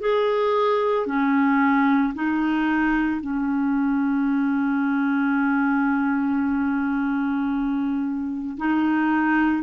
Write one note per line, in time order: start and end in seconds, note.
0.00 1.06 G#4
1.06 2.13 C#4
2.14 3.20 D#4
3.20 8.56 C#4
8.57 9.63 D#4